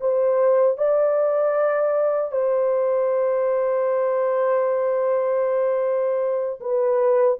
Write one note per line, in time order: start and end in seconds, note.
0.00 0.77 C5
0.77 2.31 D5
2.31 6.60 C5
6.60 7.38 B4